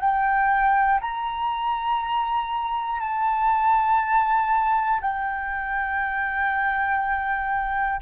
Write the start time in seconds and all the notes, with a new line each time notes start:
0.00 G5
1.01 A#5
3.00 A5
5.01 G5